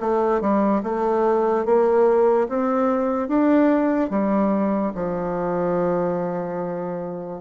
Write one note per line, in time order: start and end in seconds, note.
0.00 0.41 A3
0.41 0.82 G3
0.83 1.65 A3
1.65 2.47 A#3
2.48 3.28 C4
3.28 4.10 D4
4.10 4.92 G3
4.94 7.41 F3